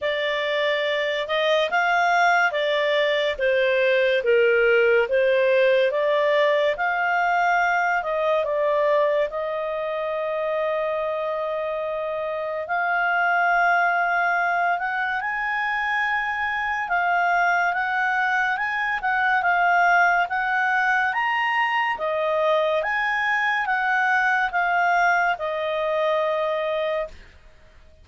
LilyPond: \new Staff \with { instrumentName = "clarinet" } { \time 4/4 \tempo 4 = 71 d''4. dis''8 f''4 d''4 | c''4 ais'4 c''4 d''4 | f''4. dis''8 d''4 dis''4~ | dis''2. f''4~ |
f''4. fis''8 gis''2 | f''4 fis''4 gis''8 fis''8 f''4 | fis''4 ais''4 dis''4 gis''4 | fis''4 f''4 dis''2 | }